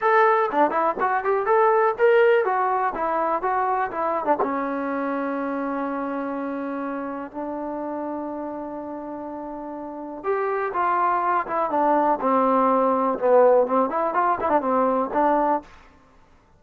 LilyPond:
\new Staff \with { instrumentName = "trombone" } { \time 4/4 \tempo 4 = 123 a'4 d'8 e'8 fis'8 g'8 a'4 | ais'4 fis'4 e'4 fis'4 | e'8. d'16 cis'2.~ | cis'2. d'4~ |
d'1~ | d'4 g'4 f'4. e'8 | d'4 c'2 b4 | c'8 e'8 f'8 e'16 d'16 c'4 d'4 | }